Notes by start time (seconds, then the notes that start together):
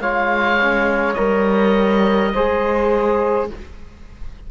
0.00 G#3 F4 C#5 F5
0.61 C#4
1.14 G3 A#4 D#5
2.34 G#3 G#4 C5